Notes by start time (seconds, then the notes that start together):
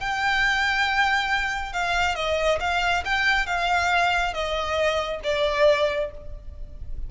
0.00 G5
1.73 F5
2.15 D#5
2.60 F5
3.05 G5
3.47 F5
4.33 D#5
5.24 D5